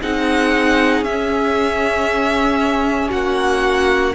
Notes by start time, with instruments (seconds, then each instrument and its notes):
0.00 cello C4, viola D#4, violin G#4 F#5
1.01 cello C#4, viola C#4, violin E5
3.10 cello A#3, violin F#4 F#5